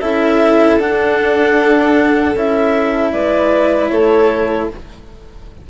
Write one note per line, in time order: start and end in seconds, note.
0.00 0.78 C#4
0.00 0.79 E4
0.00 3.12 A4
0.00 0.78 E5
0.78 2.33 D4
0.78 2.35 D4
0.78 2.36 F#5
2.34 3.12 C#4
2.34 4.69 E4
2.34 3.12 E5
3.12 3.90 G#3
3.12 3.91 B4
3.12 3.89 D5
3.89 4.68 A3
3.89 4.69 A4
3.89 4.67 C#5